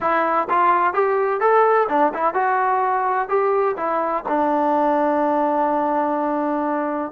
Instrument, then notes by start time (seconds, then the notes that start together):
trombone
0.00 E4
0.49 F4
0.93 G4
1.40 A4
1.89 D4
2.14 E4
2.34 F#4
3.28 G4
3.76 E4
4.28 D4